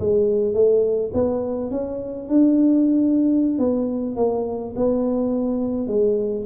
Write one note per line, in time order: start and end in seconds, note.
0.00 0.55 G#3
0.55 1.12 A3
1.14 1.71 B3
1.71 2.29 C#4
2.29 3.59 D4
3.59 4.16 B3
4.17 4.74 A#3
4.76 5.88 B3
5.88 6.45 G#3